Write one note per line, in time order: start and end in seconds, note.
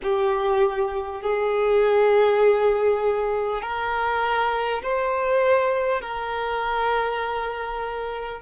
0.03 1.22 G4
1.22 3.62 G#4
3.62 4.82 A#4
4.82 6.01 C5
6.01 8.41 A#4